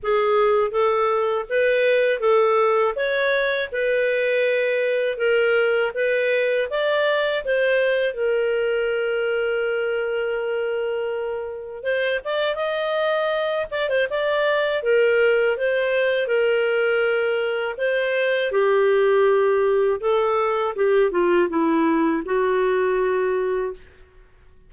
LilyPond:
\new Staff \with { instrumentName = "clarinet" } { \time 4/4 \tempo 4 = 81 gis'4 a'4 b'4 a'4 | cis''4 b'2 ais'4 | b'4 d''4 c''4 ais'4~ | ais'1 |
c''8 d''8 dis''4. d''16 c''16 d''4 | ais'4 c''4 ais'2 | c''4 g'2 a'4 | g'8 f'8 e'4 fis'2 | }